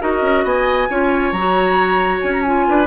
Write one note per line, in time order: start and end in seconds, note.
0.00 0.22 D#4
0.00 0.88 F#4
0.00 0.44 A#4
0.00 0.46 D#5
0.22 0.44 C#4
0.44 0.88 B3
0.44 0.88 D#5
0.44 1.32 G#5
0.90 1.32 C#4
0.90 1.34 F4
0.90 2.67 C#5
1.32 2.20 F#3
1.32 2.45 F#4
1.32 2.20 A#5
2.21 2.67 C#4
2.21 2.32 G#5
2.33 2.41 A#5
2.41 2.86 F4
2.41 2.86 G#5
2.68 2.86 D4
2.68 2.86 B4